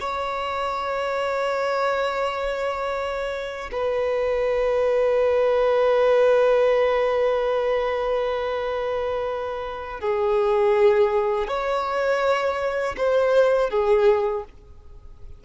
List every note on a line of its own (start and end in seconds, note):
0.00 3.70 C#5
3.72 10.00 B4
10.00 11.47 G#4
11.47 12.96 C#5
12.97 13.70 C5
13.70 14.44 G#4